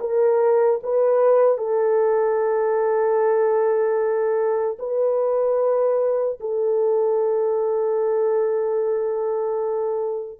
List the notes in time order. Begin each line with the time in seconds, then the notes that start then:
0.00 A#4
0.83 B4
1.57 A4
4.79 B4
6.40 A4